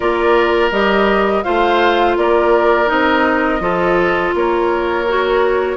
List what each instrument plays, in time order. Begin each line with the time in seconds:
0.00 bassoon A#3, clarinet F4, oboe A#4, flute D5
0.71 bassoon G3, clarinet G4, flute D#5
1.43 bassoon A3, clarinet F4, oboe C5, flute F5
2.17 bassoon A#3, oboe A#4, flute D5
2.86 bassoon C4, clarinet D#4, flute D#5
3.59 bassoon F3, clarinet F4, oboe A4
4.34 bassoon A#3, oboe A#4, flute C#5
5.08 clarinet F#4